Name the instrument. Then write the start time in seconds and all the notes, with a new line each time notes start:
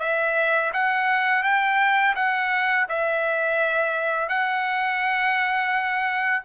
trumpet
0.00 E5
0.74 F#5
1.44 G5
2.16 F#5
2.89 E5
4.29 F#5